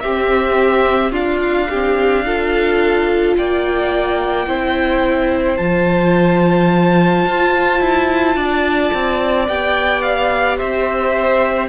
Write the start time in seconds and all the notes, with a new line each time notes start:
0.00 C4 G4 E5
1.12 D4 F4 F5
1.70 C4 G4
2.26 F4 A4
3.37 A#3 D5 G5
4.47 C4 E4 C5
5.57 F3 F4 A5
7.26 F4
7.81 E4
8.36 D4 D5
8.94 C4
9.48 B3 G4 G5
10.02 F5
10.57 C4 C5 E5